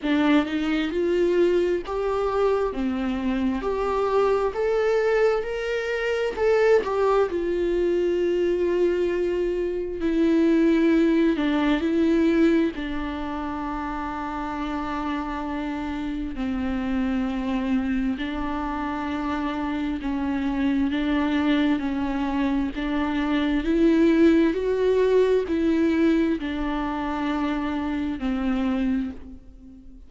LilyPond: \new Staff \with { instrumentName = "viola" } { \time 4/4 \tempo 4 = 66 d'8 dis'8 f'4 g'4 c'4 | g'4 a'4 ais'4 a'8 g'8 | f'2. e'4~ | e'8 d'8 e'4 d'2~ |
d'2 c'2 | d'2 cis'4 d'4 | cis'4 d'4 e'4 fis'4 | e'4 d'2 c'4 | }